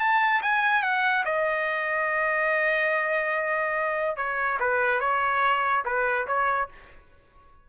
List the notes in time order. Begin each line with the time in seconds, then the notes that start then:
0.00 A5
0.43 G#5
0.83 F#5
1.25 D#5
4.17 C#5
4.60 B4
5.01 C#5
5.85 B4
6.27 C#5